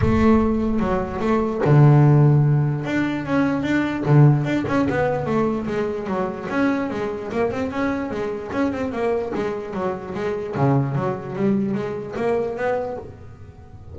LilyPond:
\new Staff \with { instrumentName = "double bass" } { \time 4/4 \tempo 4 = 148 a2 fis4 a4 | d2. d'4 | cis'4 d'4 d4 d'8 cis'8 | b4 a4 gis4 fis4 |
cis'4 gis4 ais8 c'8 cis'4 | gis4 cis'8 c'8 ais4 gis4 | fis4 gis4 cis4 fis4 | g4 gis4 ais4 b4 | }